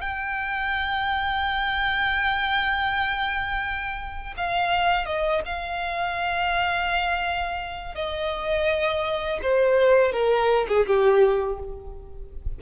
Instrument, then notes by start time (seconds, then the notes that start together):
violin
0.00 G5
4.37 F5
5.05 D#5
5.45 F5
7.95 D#5
9.42 C5
10.12 A#4
10.68 G#4
10.86 G4